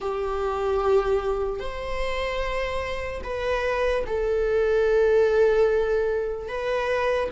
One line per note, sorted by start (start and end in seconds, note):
0.00 1.59 G4
1.59 3.21 C5
3.23 4.04 B4
4.06 6.48 A4
6.48 7.29 B4